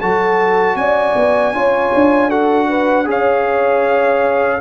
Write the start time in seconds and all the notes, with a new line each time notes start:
0.00 F#3 F#4 A4 A5
0.76 C#4 D5 G#5
1.15 B3
1.52 C#4 F4 C#5
1.95 D4
2.29 F#4 A4 F#5
2.69 B4
3.05 C#4 G#4 C#5 F5